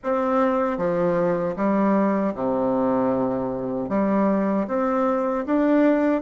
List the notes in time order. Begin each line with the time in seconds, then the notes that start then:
0.03 C4
0.77 F3
1.56 G3
2.34 C3
3.89 G3
4.67 C4
5.45 D4